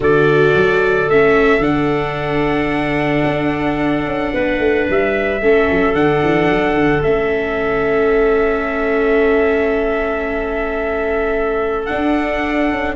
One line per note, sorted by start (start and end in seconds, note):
0.00 0.50 D3
0.00 1.08 F#4
0.00 4.33 A4
0.00 1.09 D5
0.55 1.08 F#3
1.08 1.59 A3
1.08 1.60 C#4
1.08 1.62 E5
1.59 3.22 D3
1.59 5.39 D4
1.59 4.87 F#5
3.24 4.05 D4
4.05 4.32 C#4
4.33 4.58 B3
4.33 5.41 B4
4.58 4.85 A3
4.89 5.41 G3
4.89 5.94 E5
5.41 5.68 A3
5.41 5.94 C#4
5.41 12.95 A4
5.70 5.93 F#3
5.93 6.20 D3
5.93 7.02 D4
5.93 7.03 F#5
6.23 6.49 E3
6.49 6.74 F#3
6.74 7.01 D3
7.03 11.90 A3
7.03 11.87 C#4
7.03 11.85 E5
11.85 12.95 D4
11.85 12.71 D4
11.85 12.93 F#5
12.71 12.95 C#4